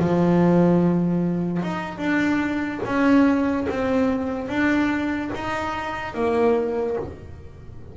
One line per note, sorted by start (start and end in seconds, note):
0.00 1.63 F3
1.63 1.98 D#4
1.98 2.81 D4
2.85 3.68 C#4
3.69 4.49 C4
4.49 5.31 D4
5.35 6.15 D#4
6.15 6.97 A#3